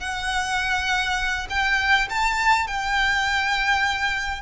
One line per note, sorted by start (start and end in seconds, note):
0.00 1.47 F#5
1.49 2.08 G5
2.09 2.67 A5
2.67 4.41 G5